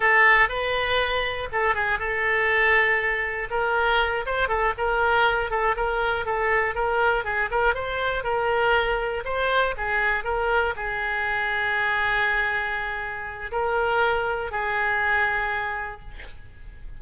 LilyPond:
\new Staff \with { instrumentName = "oboe" } { \time 4/4 \tempo 4 = 120 a'4 b'2 a'8 gis'8 | a'2. ais'4~ | ais'8 c''8 a'8 ais'4. a'8 ais'8~ | ais'8 a'4 ais'4 gis'8 ais'8 c''8~ |
c''8 ais'2 c''4 gis'8~ | gis'8 ais'4 gis'2~ gis'8~ | gis'2. ais'4~ | ais'4 gis'2. | }